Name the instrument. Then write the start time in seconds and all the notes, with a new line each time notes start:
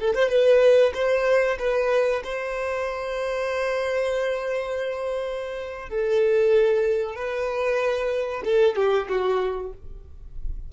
violin
0.00 A4
0.15 C5
0.29 B4
0.94 C5
1.59 B4
2.24 C5
5.89 A4
7.15 B4
8.45 A4
8.76 G4
9.09 F#4